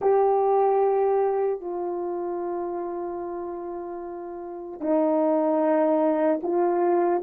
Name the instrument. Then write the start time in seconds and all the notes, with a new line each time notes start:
horn
0.01 G4
1.60 F4
4.80 D#4
6.42 F4